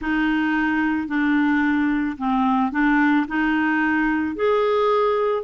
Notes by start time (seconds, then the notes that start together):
0.01 D#4
1.07 D4
2.18 C4
2.71 D4
3.27 D#4
4.35 G#4